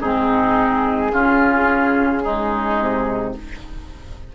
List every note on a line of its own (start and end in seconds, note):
0.00 1.12 G#2
0.00 1.11 C4
0.00 1.11 D#4
0.00 3.34 G#4
1.11 2.79 C#3
1.11 2.22 C#4
1.11 2.22 F4
2.22 3.33 G#3
2.22 3.34 D#4
2.79 3.35 C3